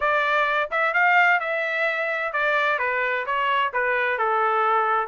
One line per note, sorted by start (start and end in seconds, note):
0.00 0.70 D5
0.70 0.93 E5
0.93 1.40 F5
1.40 2.33 E5
2.33 2.79 D5
2.79 3.25 B4
3.26 3.72 C#5
3.73 4.18 B4
4.18 5.07 A4